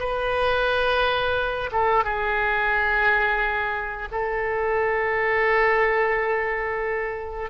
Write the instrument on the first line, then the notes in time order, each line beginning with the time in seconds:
oboe
0.00 B4
1.72 A4
2.05 G#4
4.12 A4